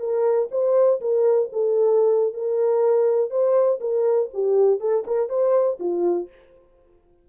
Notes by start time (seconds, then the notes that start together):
0.00 A#4
0.52 C5
1.01 A#4
1.53 A4
2.34 A#4
3.31 C5
3.81 A#4
4.34 G4
4.80 A4
5.07 A#4
5.30 C5
5.80 F4